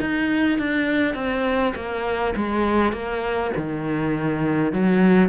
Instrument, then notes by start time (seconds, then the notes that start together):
cello
0.00 D#4
0.58 D4
1.14 C4
1.75 A#3
2.36 G#3
2.93 A#3
3.56 D#3
4.72 F#3